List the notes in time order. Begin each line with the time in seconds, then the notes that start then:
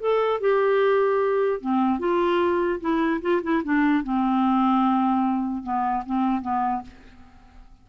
0.00 A4
0.40 G4
1.61 C4
1.99 F4
2.80 E4
3.21 F4
3.43 E4
3.64 D4
4.04 C4
5.63 B3
6.06 C4
6.42 B3